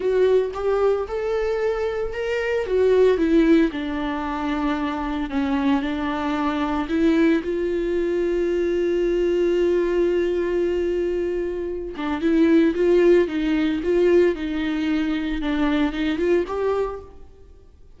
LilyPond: \new Staff \with { instrumentName = "viola" } { \time 4/4 \tempo 4 = 113 fis'4 g'4 a'2 | ais'4 fis'4 e'4 d'4~ | d'2 cis'4 d'4~ | d'4 e'4 f'2~ |
f'1~ | f'2~ f'8 d'8 e'4 | f'4 dis'4 f'4 dis'4~ | dis'4 d'4 dis'8 f'8 g'4 | }